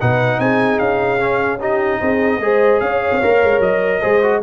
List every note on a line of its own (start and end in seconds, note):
0.00 0.39 B2
0.00 1.19 D#4
0.00 0.40 B4
0.00 0.40 F#5
0.39 0.79 C4
0.39 1.60 G#4
0.39 0.79 G#5
0.79 2.00 C#4
0.79 1.59 F5
1.19 1.59 C#4
1.60 2.41 D#4
1.60 2.00 G4
1.60 2.80 D#5
2.01 2.40 C4
2.01 2.41 G#4
2.40 2.80 G#3
2.40 3.22 G#4
2.40 2.83 C5
2.80 3.11 C#4
2.80 4.02 C#5
2.80 3.61 F5
3.12 3.22 C4
3.23 3.43 A#3
3.23 4.02 A#4
3.43 3.60 G#3
3.60 4.01 F#3
3.60 4.42 D#5
4.02 4.43 G#3
4.02 4.22 G#4
4.02 4.42 C5
4.23 4.43 F#4